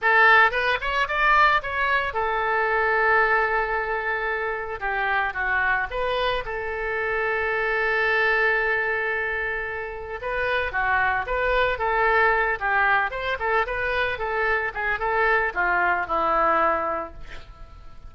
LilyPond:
\new Staff \with { instrumentName = "oboe" } { \time 4/4 \tempo 4 = 112 a'4 b'8 cis''8 d''4 cis''4 | a'1~ | a'4 g'4 fis'4 b'4 | a'1~ |
a'2. b'4 | fis'4 b'4 a'4. g'8~ | g'8 c''8 a'8 b'4 a'4 gis'8 | a'4 f'4 e'2 | }